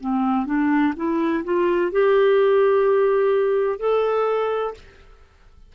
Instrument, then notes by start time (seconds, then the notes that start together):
clarinet
0.00 C4
0.45 D4
0.96 E4
1.44 F4
1.92 G4
3.79 A4